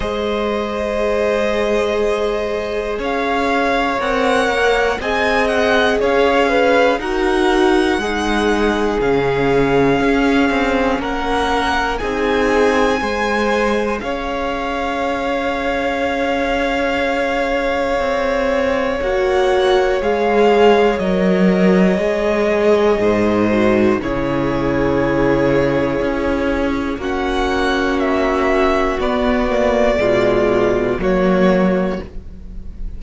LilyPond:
<<
  \new Staff \with { instrumentName = "violin" } { \time 4/4 \tempo 4 = 60 dis''2. f''4 | fis''4 gis''8 fis''8 f''4 fis''4~ | fis''4 f''2 fis''4 | gis''2 f''2~ |
f''2. fis''4 | f''4 dis''2. | cis''2. fis''4 | e''4 d''2 cis''4 | }
  \new Staff \with { instrumentName = "violin" } { \time 4/4 c''2. cis''4~ | cis''4 dis''4 cis''8 b'8 ais'4 | gis'2. ais'4 | gis'4 c''4 cis''2~ |
cis''1~ | cis''2. c''4 | gis'2. fis'4~ | fis'2 f'4 fis'4 | }
  \new Staff \with { instrumentName = "viola" } { \time 4/4 gis'1 | ais'4 gis'2 fis'4 | dis'4 cis'2. | dis'4 gis'2.~ |
gis'2. fis'4 | gis'4 ais'4 gis'4. fis'8 | e'2. cis'4~ | cis'4 b8 ais8 gis4 ais4 | }
  \new Staff \with { instrumentName = "cello" } { \time 4/4 gis2. cis'4 | c'8 ais8 c'4 cis'4 dis'4 | gis4 cis4 cis'8 c'8 ais4 | c'4 gis4 cis'2~ |
cis'2 c'4 ais4 | gis4 fis4 gis4 gis,4 | cis2 cis'4 ais4~ | ais4 b4 b,4 fis4 | }
>>